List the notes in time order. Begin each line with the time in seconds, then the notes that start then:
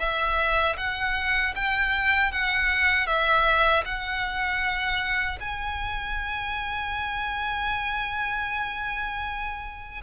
0.00 E5
0.78 F#5
1.56 G5
2.33 F#5
3.07 E5
3.85 F#5
5.41 G#5